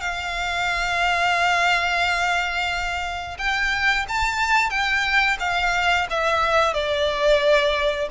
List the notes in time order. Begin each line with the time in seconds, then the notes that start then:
0.00 F5
3.38 G5
4.08 A5
4.70 G5
5.39 F5
6.09 E5
6.73 D5